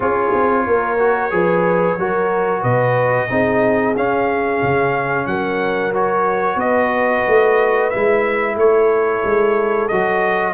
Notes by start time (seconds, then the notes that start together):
0.00 C#4 F4 G#4 C#5
0.34 C4
0.66 A#3 A#4
0.98 F#4
1.30 F3 G#4 B4
1.98 F#3 F#4 A#4
2.61 B2 B4 D#5
3.29 C4 D#4 G#4
3.95 C#4 F5
4.62 C#3
5.26 F#3 A#4 F#5
5.93 F#4 C#5
6.55 B3 B4 D#5
7.27 A3
7.90 G#3 E4 E5
8.55 A3 A4 C#5
9.24 G#3
9.87 F#3 F#4 D#5